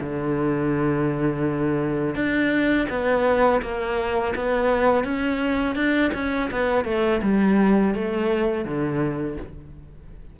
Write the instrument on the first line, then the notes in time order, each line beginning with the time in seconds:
cello
0.00 D3
2.15 D4
2.89 B3
3.62 A#3
4.35 B3
5.04 C#4
5.75 D4
6.14 C#4
6.51 B3
6.85 A3
7.23 G3
7.95 A3
8.65 D3